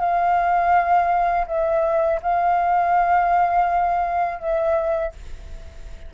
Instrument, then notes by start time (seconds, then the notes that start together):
flute
0.00 F5
1.47 E5
2.23 F5
4.39 E5